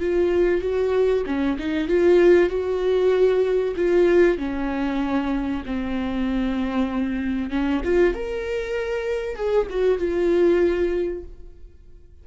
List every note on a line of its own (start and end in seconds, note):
0.00 0.62 F4
0.62 1.24 F#4
1.26 1.58 C#4
1.59 1.88 D#4
1.88 2.50 F4
2.50 3.75 F#4
3.77 4.38 F4
4.38 5.63 C#4
5.66 7.51 C4
7.51 7.82 C#4
7.85 8.14 F4
8.14 9.36 A#4
9.36 9.67 G#4
9.70 9.99 F#4
9.99 11.24 F4